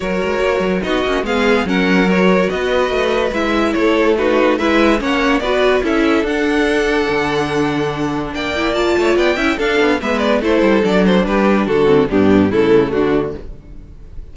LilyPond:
<<
  \new Staff \with { instrumentName = "violin" } { \time 4/4 \tempo 4 = 144 cis''2 dis''4 f''4 | fis''4 cis''4 dis''2 | e''4 cis''4 b'4 e''4 | fis''4 d''4 e''4 fis''4~ |
fis''1 | g''4 a''4 g''4 f''4 | e''8 d''8 c''4 d''8 c''8 b'4 | a'4 g'4 a'4 fis'4 | }
  \new Staff \with { instrumentName = "violin" } { \time 4/4 ais'2 fis'4 gis'4 | ais'2 b'2~ | b'4 a'4 fis'4 b'4 | cis''4 b'4 a'2~ |
a'1 | d''4. cis''8 d''8 e''8 a'4 | b'4 a'2 g'4 | fis'4 d'4 e'4 d'4 | }
  \new Staff \with { instrumentName = "viola" } { \time 4/4 fis'2 dis'8 cis'8 b4 | cis'4 fis'2. | e'2 dis'4 e'4 | cis'4 fis'4 e'4 d'4~ |
d'1~ | d'8 e'8 f'4. e'8 d'4 | b4 e'4 d'2~ | d'8 c'8 b4 a2 | }
  \new Staff \with { instrumentName = "cello" } { \time 4/4 fis8 gis8 ais8 fis8 b8 ais8 gis4 | fis2 b4 a4 | gis4 a2 gis4 | ais4 b4 cis'4 d'4~ |
d'4 d2. | ais4. a8 b8 cis'8 d'8 b8 | gis4 a8 g8 fis4 g4 | d4 g,4 cis4 d4 | }
>>